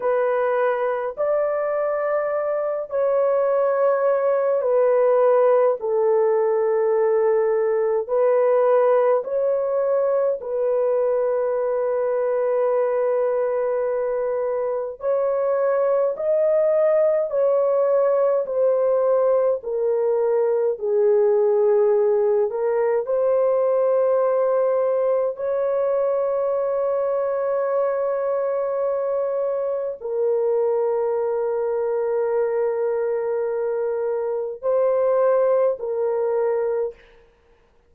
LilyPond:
\new Staff \with { instrumentName = "horn" } { \time 4/4 \tempo 4 = 52 b'4 d''4. cis''4. | b'4 a'2 b'4 | cis''4 b'2.~ | b'4 cis''4 dis''4 cis''4 |
c''4 ais'4 gis'4. ais'8 | c''2 cis''2~ | cis''2 ais'2~ | ais'2 c''4 ais'4 | }